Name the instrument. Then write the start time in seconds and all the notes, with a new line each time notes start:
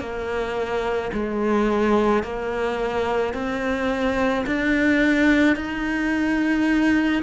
cello
0.00 A#3
1.13 G#3
2.23 A#3
3.33 C4
4.46 D4
5.56 D#4